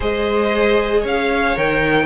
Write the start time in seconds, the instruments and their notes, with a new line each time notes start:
0.00 cello G#3, viola G#4, violin C5 D#5
1.00 cello C#4, violin C#5
1.07 violin F5
1.56 cello D#3, viola A#4, violin G5